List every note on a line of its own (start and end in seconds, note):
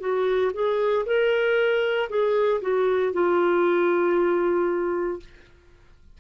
0.00 0.52 F#4
0.54 1.06 G#4
1.06 2.10 A#4
2.10 2.61 G#4
2.61 3.13 F#4
3.13 5.20 F4